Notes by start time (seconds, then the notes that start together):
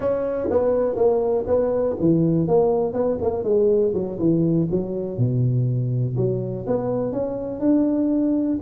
0.00 C#4
0.50 B3
0.95 A#3
1.46 B3
2.00 E3
2.47 A#3
2.93 B3
3.21 A#3
3.43 G#3
3.93 F#3
4.18 E3
4.70 F#3
5.17 B2
6.16 F#3
6.67 B3
7.12 C#4
7.60 D4